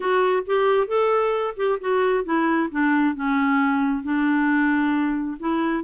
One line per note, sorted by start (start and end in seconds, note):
0.00 0.43 F#4
0.46 0.87 G4
0.87 1.54 A4
1.56 1.78 G4
1.80 2.24 F#4
2.24 2.69 E4
2.71 3.15 D4
3.15 4.03 C#4
4.03 5.37 D4
5.39 5.84 E4